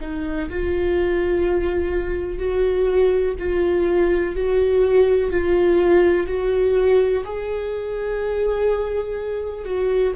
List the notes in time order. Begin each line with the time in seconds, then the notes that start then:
0.00 D#4
0.49 F4
2.38 F#4
3.39 F4
4.35 F#4
5.30 F4
6.27 F#4
7.24 G#4
9.65 F#4